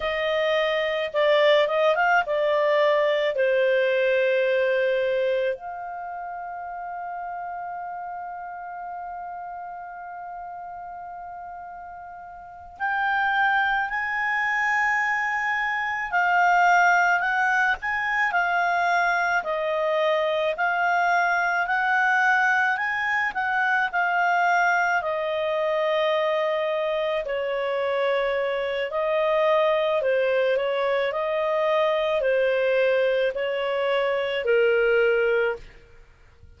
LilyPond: \new Staff \with { instrumentName = "clarinet" } { \time 4/4 \tempo 4 = 54 dis''4 d''8 dis''16 f''16 d''4 c''4~ | c''4 f''2.~ | f''2.~ f''8 g''8~ | g''8 gis''2 f''4 fis''8 |
gis''8 f''4 dis''4 f''4 fis''8~ | fis''8 gis''8 fis''8 f''4 dis''4.~ | dis''8 cis''4. dis''4 c''8 cis''8 | dis''4 c''4 cis''4 ais'4 | }